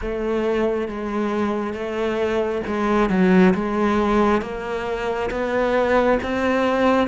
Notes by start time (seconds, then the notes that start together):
0.01 A3
0.88 G#3
1.73 A3
2.66 G#3
3.09 F#3
3.54 G#3
4.41 A#3
5.30 B3
6.22 C4